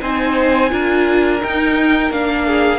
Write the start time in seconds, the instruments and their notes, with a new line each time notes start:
0.00 cello C4, viola D#4, violin C5 G#5
0.70 cello D4, viola F4, violin A#4
1.41 viola D#4, cello D#4, violin G5
2.11 cello A#3, viola D4, violin F5
2.45 violin G#4